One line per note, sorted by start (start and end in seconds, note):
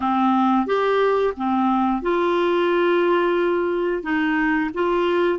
0.00 0.66 C4
0.66 1.33 G4
1.36 2.02 C4
2.02 4.03 F4
4.03 4.70 D#4
4.73 5.39 F4